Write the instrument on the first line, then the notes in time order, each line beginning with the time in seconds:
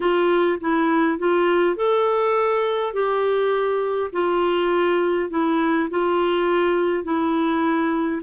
clarinet
0.00 F4
0.60 E4
1.18 F4
1.76 A4
2.93 G4
4.12 F4
5.30 E4
5.90 F4
7.04 E4